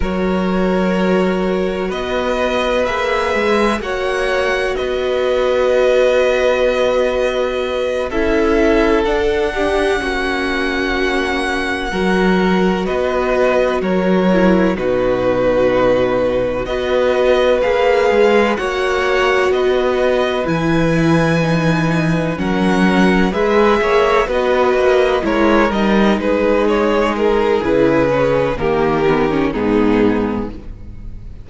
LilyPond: <<
  \new Staff \with { instrumentName = "violin" } { \time 4/4 \tempo 4 = 63 cis''2 dis''4 e''4 | fis''4 dis''2.~ | dis''8 e''4 fis''2~ fis''8~ | fis''4. dis''4 cis''4 b'8~ |
b'4. dis''4 f''4 fis''8~ | fis''8 dis''4 gis''2 fis''8~ | fis''8 e''4 dis''4 cis''8 dis''8 b'8 | cis''8 ais'8 b'4 ais'4 gis'4 | }
  \new Staff \with { instrumentName = "violin" } { \time 4/4 ais'2 b'2 | cis''4 b'2.~ | b'8 a'4. g'8 fis'4.~ | fis'8 ais'4 b'4 ais'4 fis'8~ |
fis'4. b'2 cis''8~ | cis''8 b'2. ais'8~ | ais'8 b'8 cis''8 b'4 ais'4 gis'8~ | gis'2 g'4 dis'4 | }
  \new Staff \with { instrumentName = "viola" } { \time 4/4 fis'2. gis'4 | fis'1~ | fis'8 e'4 d'4 cis'4.~ | cis'8 fis'2~ fis'8 e'8 dis'8~ |
dis'4. fis'4 gis'4 fis'8~ | fis'4. e'4 dis'4 cis'8~ | cis'8 gis'4 fis'4 e'8 dis'4~ | dis'4 e'8 cis'8 ais8 b16 cis'16 b4 | }
  \new Staff \with { instrumentName = "cello" } { \time 4/4 fis2 b4 ais8 gis8 | ais4 b2.~ | b8 cis'4 d'4 ais4.~ | ais8 fis4 b4 fis4 b,8~ |
b,4. b4 ais8 gis8 ais8~ | ais8 b4 e2 fis8~ | fis8 gis8 ais8 b8 ais8 gis8 g8 gis8~ | gis4 cis4 dis4 gis,4 | }
>>